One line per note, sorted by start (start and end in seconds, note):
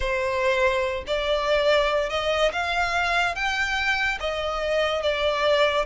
0.00 1.04 C5
1.06 2.09 D5
2.09 2.51 D#5
2.52 3.35 F5
3.35 4.18 G5
4.19 5.02 D#5
5.02 5.85 D5